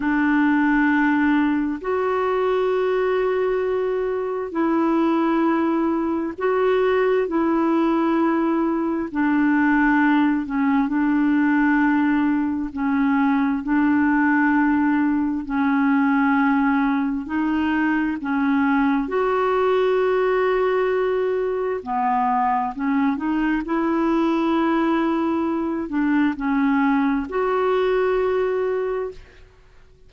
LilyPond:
\new Staff \with { instrumentName = "clarinet" } { \time 4/4 \tempo 4 = 66 d'2 fis'2~ | fis'4 e'2 fis'4 | e'2 d'4. cis'8 | d'2 cis'4 d'4~ |
d'4 cis'2 dis'4 | cis'4 fis'2. | b4 cis'8 dis'8 e'2~ | e'8 d'8 cis'4 fis'2 | }